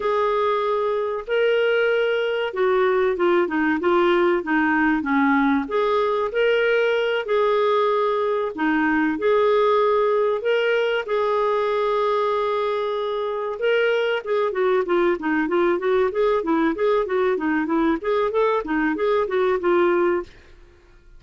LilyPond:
\new Staff \with { instrumentName = "clarinet" } { \time 4/4 \tempo 4 = 95 gis'2 ais'2 | fis'4 f'8 dis'8 f'4 dis'4 | cis'4 gis'4 ais'4. gis'8~ | gis'4. dis'4 gis'4.~ |
gis'8 ais'4 gis'2~ gis'8~ | gis'4. ais'4 gis'8 fis'8 f'8 | dis'8 f'8 fis'8 gis'8 e'8 gis'8 fis'8 dis'8 | e'8 gis'8 a'8 dis'8 gis'8 fis'8 f'4 | }